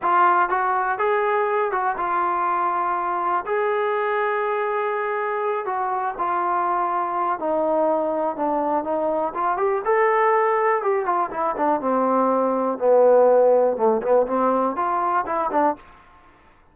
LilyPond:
\new Staff \with { instrumentName = "trombone" } { \time 4/4 \tempo 4 = 122 f'4 fis'4 gis'4. fis'8 | f'2. gis'4~ | gis'2.~ gis'8 fis'8~ | fis'8 f'2~ f'8 dis'4~ |
dis'4 d'4 dis'4 f'8 g'8 | a'2 g'8 f'8 e'8 d'8 | c'2 b2 | a8 b8 c'4 f'4 e'8 d'8 | }